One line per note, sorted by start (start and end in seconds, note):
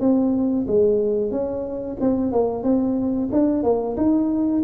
0.00 0.66 C4
0.67 1.31 G#3
1.31 1.97 C#4
2.00 2.32 C4
2.32 2.63 A#3
2.63 3.29 C4
3.32 3.63 D4
3.63 3.96 A#3
3.97 4.63 D#4